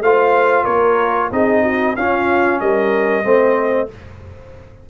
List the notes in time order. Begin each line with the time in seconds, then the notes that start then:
0.00 A3 F4 C5 F5
0.63 A#3 A#4 C#5
1.31 C4 D#4 G#4 D#5
1.62 F#4
1.96 C#4 F4 F5
2.60 G3 A#4 D#5
3.23 A3 C4 C5